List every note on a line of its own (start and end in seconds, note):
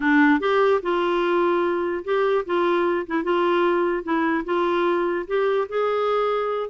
0.00 0.39 D4
0.40 0.80 G4
0.82 2.04 F4
2.04 2.45 G4
2.45 3.06 F4
3.06 3.23 E4
3.23 4.03 F4
4.03 4.44 E4
4.45 5.26 F4
5.27 5.67 G4
5.69 6.69 G#4